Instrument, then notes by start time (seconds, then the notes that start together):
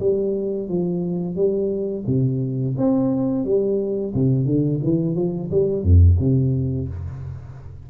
tuba
0.00 G3
0.69 F3
1.36 G3
2.07 C3
2.78 C4
3.45 G3
4.14 C3
4.46 D3
4.84 E3
5.15 F3
5.51 G3
5.83 F2
6.19 C3